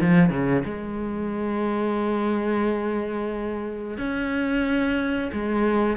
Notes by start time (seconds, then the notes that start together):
0.00 F3
0.30 C#3
0.65 G#3
3.97 C#4
5.33 G#3